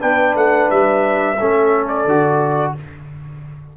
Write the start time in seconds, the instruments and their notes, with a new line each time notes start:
0.00 tuba B3, trombone D4, horn B4, trumpet G5
0.36 tuba A3, trumpet F#5
0.70 tuba G3, trumpet E5
1.40 tuba A3, trombone C#4, horn A4
1.89 trumpet D5
2.06 tuba D3, trombone F#4